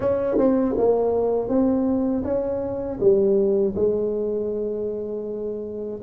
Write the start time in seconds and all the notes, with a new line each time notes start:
0.00 C#4
0.38 C4
0.77 A#3
1.48 C4
2.24 C#4
3.00 G3
3.75 G#3